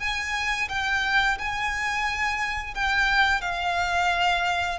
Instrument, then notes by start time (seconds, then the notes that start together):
violin
0.00 G#5
0.69 G5
1.39 G#5
2.75 G5
3.41 F5